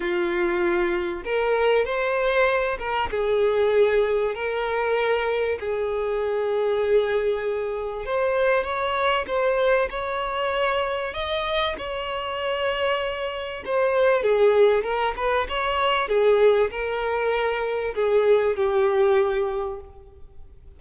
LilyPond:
\new Staff \with { instrumentName = "violin" } { \time 4/4 \tempo 4 = 97 f'2 ais'4 c''4~ | c''8 ais'8 gis'2 ais'4~ | ais'4 gis'2.~ | gis'4 c''4 cis''4 c''4 |
cis''2 dis''4 cis''4~ | cis''2 c''4 gis'4 | ais'8 b'8 cis''4 gis'4 ais'4~ | ais'4 gis'4 g'2 | }